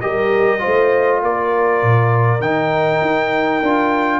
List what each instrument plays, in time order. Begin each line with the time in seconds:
0.00 tuba G3, trombone G4, horn A#4, trumpet D#5
0.59 trombone F4, horn C5
0.66 tuba A3
1.22 tuba A#3, horn A#4, trumpet D5
1.82 tuba A#2
2.40 tuba D#3, trombone D#4, trumpet G5
3.01 tuba D#4
3.62 tuba D4, trombone F4